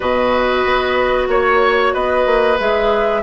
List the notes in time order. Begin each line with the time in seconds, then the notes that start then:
0.00 B2 F#4 B4 D#5
0.65 B3
1.28 A#3 C#5
1.93 B3 B4 D#5
2.26 A#3
2.58 G#3 G#4 E5